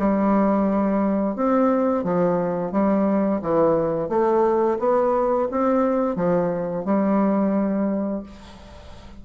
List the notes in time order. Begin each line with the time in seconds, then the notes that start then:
0.00 G3
1.36 C4
2.04 F3
2.72 G3
3.42 E3
4.09 A3
4.80 B3
5.51 C4
6.16 F3
6.86 G3